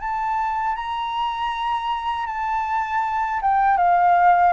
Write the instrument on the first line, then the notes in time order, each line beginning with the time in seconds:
flute
0.00 A5
0.76 A#5
2.26 A5
3.42 G5
3.77 F5